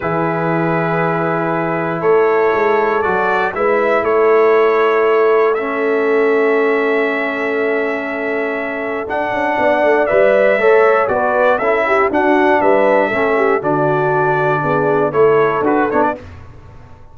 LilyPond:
<<
  \new Staff \with { instrumentName = "trumpet" } { \time 4/4 \tempo 4 = 119 b'1 | cis''2 d''4 e''4 | cis''2. e''4~ | e''1~ |
e''2 fis''2 | e''2 d''4 e''4 | fis''4 e''2 d''4~ | d''2 cis''4 b'8 cis''16 d''16 | }
  \new Staff \with { instrumentName = "horn" } { \time 4/4 gis'1 | a'2. b'4 | a'1~ | a'1~ |
a'2. d''4~ | d''4 cis''4 b'4 a'8 g'8 | fis'4 b'4 a'8 g'8 fis'4~ | fis'4 gis'4 a'2 | }
  \new Staff \with { instrumentName = "trombone" } { \time 4/4 e'1~ | e'2 fis'4 e'4~ | e'2. cis'4~ | cis'1~ |
cis'2 d'2 | b'4 a'4 fis'4 e'4 | d'2 cis'4 d'4~ | d'2 e'4 fis'8 d'8 | }
  \new Staff \with { instrumentName = "tuba" } { \time 4/4 e1 | a4 gis4 fis4 gis4 | a1~ | a1~ |
a2 d'8 cis'8 b8 a8 | g4 a4 b4 cis'4 | d'4 g4 a4 d4~ | d4 b4 a4 d'8 b8 | }
>>